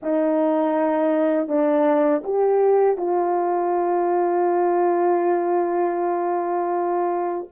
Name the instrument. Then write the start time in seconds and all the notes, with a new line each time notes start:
horn
0.02 D#4
1.48 D4
2.24 G4
2.97 F4